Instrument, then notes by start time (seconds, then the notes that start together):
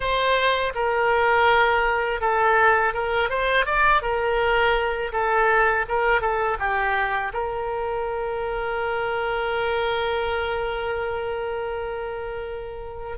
oboe
0.00 C5
0.75 A#4
2.21 A4
2.93 A#4
3.29 C5
3.65 D5
4.02 A#4
5.12 A4
5.88 A#4
6.21 A4
6.59 G4
7.33 A#4